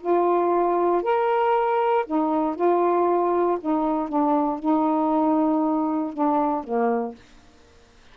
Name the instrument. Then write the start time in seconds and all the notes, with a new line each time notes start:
saxophone
0.00 F4
1.02 A#4
2.06 D#4
2.55 F4
3.61 D#4
4.09 D4
4.59 D#4
6.13 D4
6.64 A#3